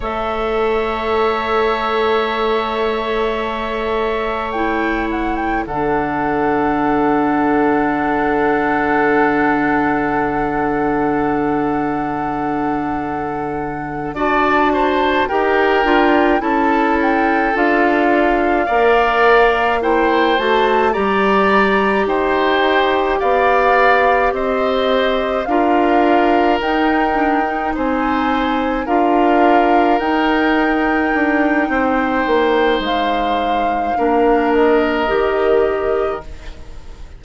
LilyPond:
<<
  \new Staff \with { instrumentName = "flute" } { \time 4/4 \tempo 4 = 53 e''1 | g''8 fis''16 g''16 fis''2.~ | fis''1~ | fis''8 a''4 g''4 a''8 g''8 f''8~ |
f''4. g''8 a''8 ais''4 g''8~ | g''8 f''4 dis''4 f''4 g''8~ | g''8 gis''4 f''4 g''4.~ | g''4 f''4. dis''4. | }
  \new Staff \with { instrumentName = "oboe" } { \time 4/4 cis''1~ | cis''4 a'2.~ | a'1~ | a'8 d''8 c''8 ais'4 a'4.~ |
a'8 d''4 c''4 d''4 c''8~ | c''8 d''4 c''4 ais'4.~ | ais'8 c''4 ais'2~ ais'8 | c''2 ais'2 | }
  \new Staff \with { instrumentName = "clarinet" } { \time 4/4 a'1 | e'4 d'2.~ | d'1~ | d'8 fis'4 g'8 f'8 e'4 f'8~ |
f'8 ais'4 e'8 fis'8 g'4.~ | g'2~ g'8 f'4 dis'8 | d'16 dis'4~ dis'16 f'4 dis'4.~ | dis'2 d'4 g'4 | }
  \new Staff \with { instrumentName = "bassoon" } { \time 4/4 a1~ | a4 d2.~ | d1~ | d8 d'4 dis'8 d'8 cis'4 d'8~ |
d'8 ais4. a8 g4 dis'8~ | dis'8 b4 c'4 d'4 dis'8~ | dis'8 c'4 d'4 dis'4 d'8 | c'8 ais8 gis4 ais4 dis4 | }
>>